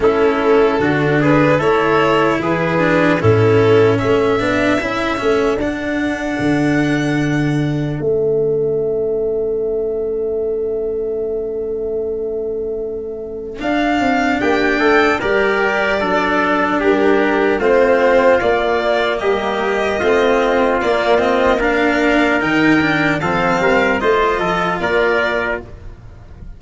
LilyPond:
<<
  \new Staff \with { instrumentName = "violin" } { \time 4/4 \tempo 4 = 75 a'4. b'8 cis''4 b'4 | a'4 e''2 fis''4~ | fis''2 e''2~ | e''1~ |
e''4 f''4 g''4 d''4~ | d''4 ais'4 c''4 d''4 | dis''2 d''8 dis''8 f''4 | g''4 f''4 dis''4 d''4 | }
  \new Staff \with { instrumentName = "trumpet" } { \time 4/4 e'4 fis'8 gis'8 a'4 gis'4 | e'4 a'2.~ | a'1~ | a'1~ |
a'2 g'8 a'8 ais'4 | a'4 g'4 f'2 | g'4 f'2 ais'4~ | ais'4 a'8 ais'8 c''8 a'8 ais'4 | }
  \new Staff \with { instrumentName = "cello" } { \time 4/4 cis'4 d'4 e'4. d'8 | cis'4. d'8 e'8 cis'8 d'4~ | d'2 cis'2~ | cis'1~ |
cis'4 d'2 g'4 | d'2 c'4 ais4~ | ais4 c'4 ais8 c'8 d'4 | dis'8 d'8 c'4 f'2 | }
  \new Staff \with { instrumentName = "tuba" } { \time 4/4 a4 d4 a4 e4 | a,4 a8 b8 cis'8 a8 d'4 | d2 a2~ | a1~ |
a4 d'8 c'8 ais8 a8 g4 | fis4 g4 a4 ais4 | g4 a4 ais2 | dis4 f8 g8 a8 f8 ais4 | }
>>